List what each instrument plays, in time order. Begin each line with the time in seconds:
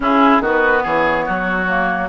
0.00 bassoon C#3, clarinet C#4, oboe E4, flute G#4
0.40 bassoon D#3, clarinet B3, oboe F#4
0.46 flute B4
0.83 bassoon E3, oboe G#4, flute C#5
1.25 bassoon F#3, oboe F#4
1.67 clarinet A#3